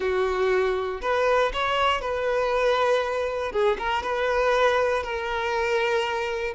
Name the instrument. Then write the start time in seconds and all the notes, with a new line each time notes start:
violin
0.00 F#4
1.01 B4
1.53 C#5
2.01 B4
3.52 G#4
3.78 A#4
4.02 B4
5.03 A#4